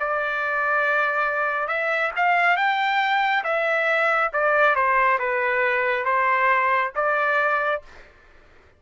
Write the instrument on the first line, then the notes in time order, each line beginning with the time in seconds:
trumpet
0.00 D5
1.68 E5
2.17 F5
2.57 G5
3.44 E5
4.33 D5
4.75 C5
5.19 B4
6.05 C5
6.96 D5